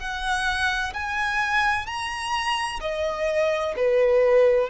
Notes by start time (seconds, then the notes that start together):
0.00 F#5
0.94 G#5
1.87 A#5
2.81 D#5
3.77 B4